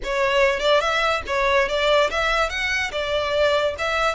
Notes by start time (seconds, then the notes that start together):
0.03 C#5
0.59 D5
0.80 E5
1.26 C#5
1.68 D5
2.10 E5
2.49 F#5
2.91 D5
3.78 E5